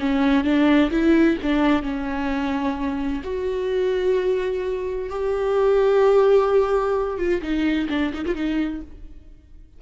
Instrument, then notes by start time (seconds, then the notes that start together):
viola
0.00 C#4
0.44 D4
0.91 E4
1.42 D4
1.83 C#4
3.24 F#4
5.10 G4
7.18 F4
7.42 D#4
7.90 D4
8.14 D#4
8.26 F4
8.35 D#4